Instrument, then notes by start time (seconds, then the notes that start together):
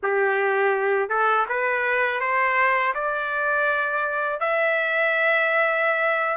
trumpet
0.02 G4
1.09 A4
1.48 B4
2.20 C5
2.94 D5
4.39 E5